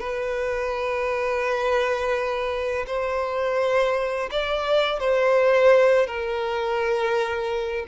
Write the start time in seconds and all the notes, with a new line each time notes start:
0.00 B4
2.87 C5
4.31 D5
5.00 C5
6.07 A#4